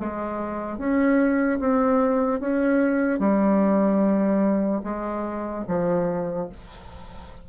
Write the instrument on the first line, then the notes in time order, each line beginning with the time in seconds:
bassoon
0.00 G#3
0.78 C#4
1.60 C4
2.40 C#4
3.19 G3
4.84 G#3
5.68 F3